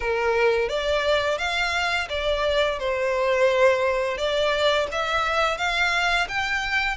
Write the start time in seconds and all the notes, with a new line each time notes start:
0.00 A#4
0.68 D5
1.38 F5
2.09 D5
2.79 C5
4.17 D5
4.91 E5
5.57 F5
6.28 G5